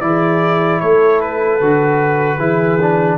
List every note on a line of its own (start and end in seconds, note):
0.00 0.81 E3
0.00 1.60 E4
0.00 0.80 G#4
0.00 0.80 D5
0.80 1.61 A3
0.80 2.38 A4
0.80 1.20 C#5
1.21 3.18 B4
1.61 2.38 D3
1.61 2.39 F#4
2.38 3.18 E3
2.38 2.79 E4
2.38 3.18 G#4
2.81 3.18 D4